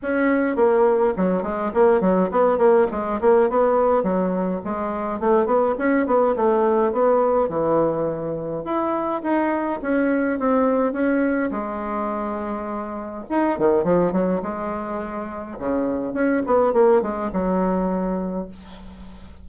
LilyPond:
\new Staff \with { instrumentName = "bassoon" } { \time 4/4 \tempo 4 = 104 cis'4 ais4 fis8 gis8 ais8 fis8 | b8 ais8 gis8 ais8 b4 fis4 | gis4 a8 b8 cis'8 b8 a4 | b4 e2 e'4 |
dis'4 cis'4 c'4 cis'4 | gis2. dis'8 dis8 | f8 fis8 gis2 cis4 | cis'8 b8 ais8 gis8 fis2 | }